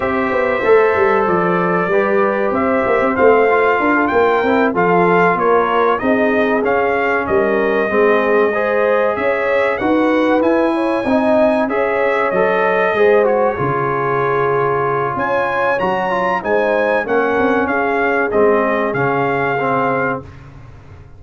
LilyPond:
<<
  \new Staff \with { instrumentName = "trumpet" } { \time 4/4 \tempo 4 = 95 e''2 d''2 | e''4 f''4. g''4 f''8~ | f''8 cis''4 dis''4 f''4 dis''8~ | dis''2~ dis''8 e''4 fis''8~ |
fis''8 gis''2 e''4 dis''8~ | dis''4 cis''2. | gis''4 ais''4 gis''4 fis''4 | f''4 dis''4 f''2 | }
  \new Staff \with { instrumentName = "horn" } { \time 4/4 c''2. b'4 | c''2 ais'16 a'16 ais'4 a'8~ | a'8 ais'4 gis'2 ais'8~ | ais'8 gis'4 c''4 cis''4 b'8~ |
b'4 cis''8 dis''4 cis''4.~ | cis''8 c''4 gis'2~ gis'8 | cis''2 c''4 ais'4 | gis'1 | }
  \new Staff \with { instrumentName = "trombone" } { \time 4/4 g'4 a'2 g'4~ | g'4 c'8 f'4. e'8 f'8~ | f'4. dis'4 cis'4.~ | cis'8 c'4 gis'2 fis'8~ |
fis'8 e'4 dis'4 gis'4 a'8~ | a'8 gis'8 fis'8 f'2~ f'8~ | f'4 fis'8 f'8 dis'4 cis'4~ | cis'4 c'4 cis'4 c'4 | }
  \new Staff \with { instrumentName = "tuba" } { \time 4/4 c'8 b8 a8 g8 f4 g4 | c'8 ais16 c'16 a4 d'8 ais8 c'8 f8~ | f8 ais4 c'4 cis'4 g8~ | g8 gis2 cis'4 dis'8~ |
dis'8 e'4 c'4 cis'4 fis8~ | fis8 gis4 cis2~ cis8 | cis'4 fis4 gis4 ais8 c'8 | cis'4 gis4 cis2 | }
>>